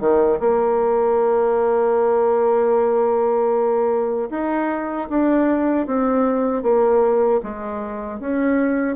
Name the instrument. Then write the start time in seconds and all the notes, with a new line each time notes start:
bassoon
0.00 D#3
0.40 A#3
4.30 D#4
5.10 D4
5.87 C4
6.63 A#3
7.43 G#3
8.20 C#4